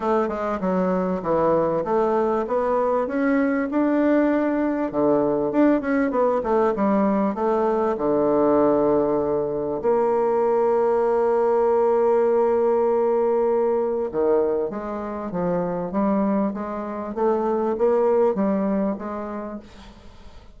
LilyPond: \new Staff \with { instrumentName = "bassoon" } { \time 4/4 \tempo 4 = 98 a8 gis8 fis4 e4 a4 | b4 cis'4 d'2 | d4 d'8 cis'8 b8 a8 g4 | a4 d2. |
ais1~ | ais2. dis4 | gis4 f4 g4 gis4 | a4 ais4 g4 gis4 | }